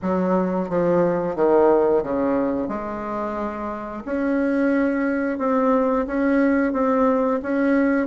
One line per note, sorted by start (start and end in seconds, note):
0.02 0.69 F#3
0.69 1.35 F3
1.35 2.03 D#3
2.03 2.68 C#3
2.68 4.03 G#3
4.05 5.38 C#4
5.38 6.06 C4
6.06 6.72 C#4
6.72 7.40 C4
7.42 8.06 C#4